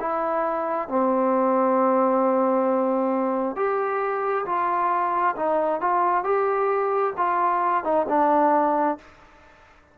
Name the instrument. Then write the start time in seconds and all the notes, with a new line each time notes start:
trombone
0.00 E4
0.88 C4
3.56 G4
4.46 F4
5.36 D#4
5.81 F4
6.24 G4
7.17 F4
7.84 D#4
8.09 D4